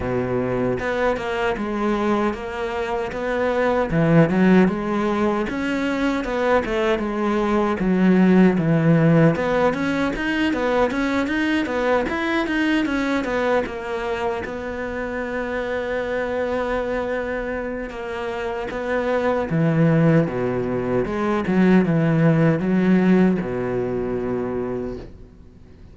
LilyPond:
\new Staff \with { instrumentName = "cello" } { \time 4/4 \tempo 4 = 77 b,4 b8 ais8 gis4 ais4 | b4 e8 fis8 gis4 cis'4 | b8 a8 gis4 fis4 e4 | b8 cis'8 dis'8 b8 cis'8 dis'8 b8 e'8 |
dis'8 cis'8 b8 ais4 b4.~ | b2. ais4 | b4 e4 b,4 gis8 fis8 | e4 fis4 b,2 | }